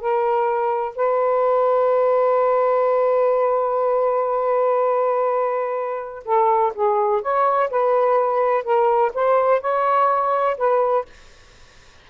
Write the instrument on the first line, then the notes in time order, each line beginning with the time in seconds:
saxophone
0.00 A#4
0.96 B4
6.25 A4
6.75 G#4
7.22 C#5
7.70 B4
8.64 A#4
9.14 C5
9.61 C#5
10.57 B4